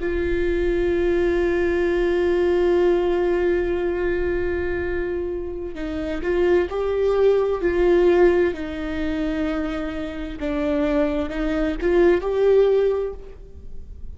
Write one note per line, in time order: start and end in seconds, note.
0.00 5.75 F4
5.75 6.21 D#4
6.22 6.68 F4
6.70 7.62 G4
7.62 8.54 F4
8.54 10.38 D#4
10.40 11.30 D4
11.30 11.76 D#4
11.81 12.21 F4
12.21 13.13 G4